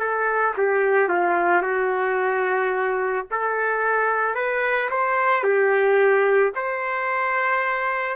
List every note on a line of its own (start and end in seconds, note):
0.00 0.55 A4
0.58 1.09 G4
1.09 1.63 F4
1.63 3.26 F#4
3.32 4.35 A4
4.35 4.90 B4
4.91 5.44 C5
5.44 6.53 G4
6.56 8.17 C5